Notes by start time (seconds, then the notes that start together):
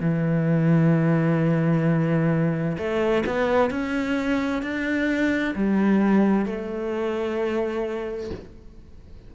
0.00 E3
2.78 A3
3.26 B3
3.70 C#4
4.62 D4
5.55 G3
6.45 A3